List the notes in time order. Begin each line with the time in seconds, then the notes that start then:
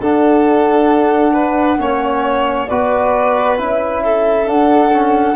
0.00 D4 A4 F#5
1.33 B4
1.78 A#3 C#4 C#5
2.67 B3 F#4 B4 D5
3.57 C#4 E4 E5
4.03 A4
4.45 D4 F#5
4.90 C#4